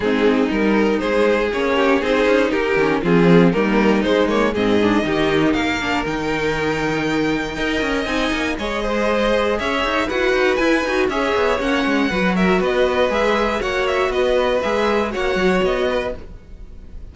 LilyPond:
<<
  \new Staff \with { instrumentName = "violin" } { \time 4/4 \tempo 4 = 119 gis'4 ais'4 c''4 cis''4 | c''4 ais'4 gis'4 ais'4 | c''8 cis''8 dis''2 f''4 | g''1 |
gis''4 dis''2 e''4 | fis''4 gis''4 e''4 fis''4~ | fis''8 e''8 dis''4 e''4 fis''8 e''8 | dis''4 e''4 fis''4 dis''4 | }
  \new Staff \with { instrumentName = "violin" } { \time 4/4 dis'2 gis'4. g'8 | gis'4 g'4 f'4 dis'4~ | dis'4 gis'4 g'4 ais'4~ | ais'2. dis''4~ |
dis''4 cis''8 c''4. cis''4 | b'2 cis''2 | b'8 ais'8 b'2 cis''4 | b'2 cis''4. b'8 | }
  \new Staff \with { instrumentName = "viola" } { \time 4/4 c'4 dis'2 cis'4 | dis'4. cis'8 c'4 ais4 | gis8 ais8 c'8 d'8 dis'4. d'8 | dis'2. ais'4 |
dis'4 gis'2. | fis'4 e'8 fis'8 gis'4 cis'4 | fis'2 gis'4 fis'4~ | fis'4 gis'4 fis'2 | }
  \new Staff \with { instrumentName = "cello" } { \time 4/4 gis4 g4 gis4 ais4 | c'8 cis'8 dis'8 dis8 f4 g4 | gis4 gis,4 dis4 ais4 | dis2. dis'8 cis'8 |
c'8 ais8 gis2 cis'8 dis'8 | e'8 dis'8 e'8 dis'8 cis'8 b8 ais8 gis8 | fis4 b4 gis4 ais4 | b4 gis4 ais8 fis8 b4 | }
>>